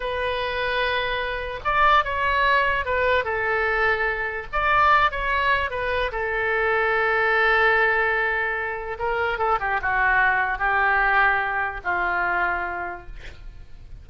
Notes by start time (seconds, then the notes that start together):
0.00 B4
1.64 D5
2.04 C#5
2.85 B4
3.24 A4
4.52 D5
5.11 C#5
5.70 B4
6.11 A4
8.98 A#4
9.38 A4
9.60 G4
9.81 F#4
10.58 G4
11.84 F4